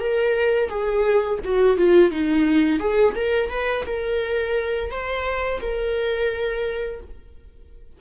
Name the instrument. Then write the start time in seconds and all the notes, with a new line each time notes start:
viola
0.00 A#4
0.69 G#4
1.45 F#4
1.77 F4
2.11 D#4
2.80 G#4
3.16 A#4
3.50 B4
3.87 A#4
4.91 C5
5.61 A#4